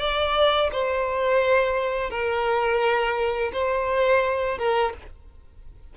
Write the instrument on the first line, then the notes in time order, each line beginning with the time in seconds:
violin
0.00 D5
0.73 C5
2.11 A#4
3.53 C5
4.59 A#4